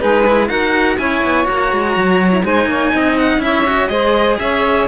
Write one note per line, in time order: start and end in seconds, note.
0.00 0.49 G#3
0.00 0.25 D#4
0.00 0.49 G#4
0.00 0.49 B4
0.27 0.49 E4
0.49 0.98 D#4
0.49 0.98 F#4
0.49 0.98 A#4
0.49 0.97 F#5
0.98 1.23 C#4
0.98 1.45 E4
0.98 2.44 C#5
0.98 1.47 G#5
1.24 1.48 B3
1.45 1.72 A#3
1.45 2.30 F#4
1.45 2.46 A#5
1.72 1.97 G#3
1.97 2.44 F#3
2.30 2.43 E4
2.44 2.66 G#3
2.44 3.40 D#4
2.44 2.68 C5
2.44 3.18 G#5
2.66 2.91 A#3
2.66 2.93 C#5
2.94 3.38 C4
2.94 3.43 D#5
3.18 3.42 F#5
3.38 3.86 C#4
3.38 3.64 E4
3.38 3.88 E5
3.44 3.90 C#5
3.65 3.90 F#4
3.88 4.38 G#3
3.88 4.87 G#4
3.88 4.39 C5
3.88 4.37 D#5
4.39 4.88 C#4
4.39 4.88 C#5
4.39 4.88 E5